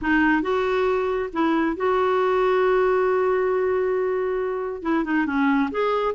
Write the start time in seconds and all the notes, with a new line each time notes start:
0.01 D#4
0.41 F#4
1.32 E4
1.76 F#4
4.82 E4
5.04 D#4
5.26 C#4
5.71 G#4